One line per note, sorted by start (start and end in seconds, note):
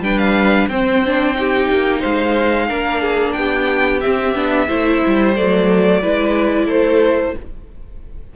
0.00 0.67 G3
0.00 0.71 D4
0.00 0.69 B4
0.00 0.19 G5
0.19 0.69 F5
0.69 1.69 C4
0.69 1.05 C4
0.69 1.38 C5
0.69 2.02 G5
1.06 1.36 D4
1.36 2.69 D#4
1.36 2.00 G4
1.70 2.03 A#3
2.00 2.71 G#3
2.00 2.67 C5
2.00 3.33 F5
2.68 3.37 A#3
2.68 4.02 D4
2.68 3.02 A#4
3.02 3.35 G#4
3.33 4.04 B3
3.33 4.68 G4
3.33 4.00 G5
4.01 4.35 C4
4.01 5.34 E5
4.35 4.68 B3
4.35 4.68 D4
4.68 5.03 A3
4.68 5.36 E4
4.68 6.01 C5
5.07 5.40 G3
5.36 6.04 F#3
5.36 6.03 A3
5.36 6.70 D5
6.02 6.68 G#3
6.02 7.36 E4
6.02 6.66 B4
6.66 7.35 A3
6.66 7.33 A4
6.66 7.36 C5